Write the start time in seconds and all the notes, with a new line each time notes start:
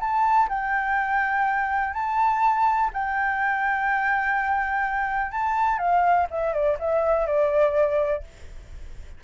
0.00 A5
0.49 G5
1.94 A5
2.93 G5
5.32 A5
5.78 F5
6.30 E5
6.53 D5
6.79 E5
7.26 D5